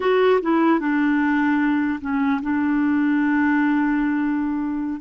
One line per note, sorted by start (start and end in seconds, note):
0.00 0.40 F#4
0.41 0.79 E4
0.79 1.99 D4
2.00 2.40 C#4
2.41 5.00 D4